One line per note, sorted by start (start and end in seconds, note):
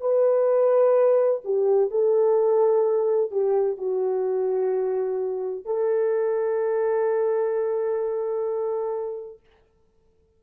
0.00 1.41 B4
1.44 1.90 G4
1.90 3.31 A4
3.31 3.78 G4
3.78 5.65 F#4
5.65 9.40 A4